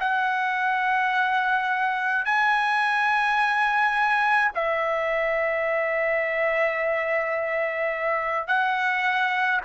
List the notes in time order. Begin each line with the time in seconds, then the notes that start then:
0.00 F#5
2.25 G#5
4.55 E5
8.48 F#5